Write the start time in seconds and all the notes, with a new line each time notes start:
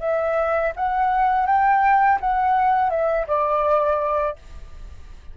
0.00 E5
0.76 F#5
1.47 G5
2.20 F#5
2.90 E5
3.27 D5